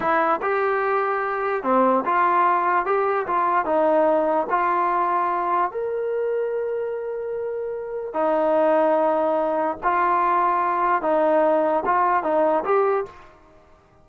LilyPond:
\new Staff \with { instrumentName = "trombone" } { \time 4/4 \tempo 4 = 147 e'4 g'2. | c'4 f'2 g'4 | f'4 dis'2 f'4~ | f'2 ais'2~ |
ais'1 | dis'1 | f'2. dis'4~ | dis'4 f'4 dis'4 g'4 | }